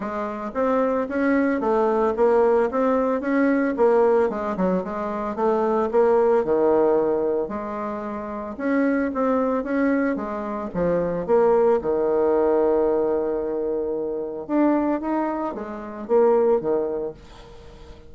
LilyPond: \new Staff \with { instrumentName = "bassoon" } { \time 4/4 \tempo 4 = 112 gis4 c'4 cis'4 a4 | ais4 c'4 cis'4 ais4 | gis8 fis8 gis4 a4 ais4 | dis2 gis2 |
cis'4 c'4 cis'4 gis4 | f4 ais4 dis2~ | dis2. d'4 | dis'4 gis4 ais4 dis4 | }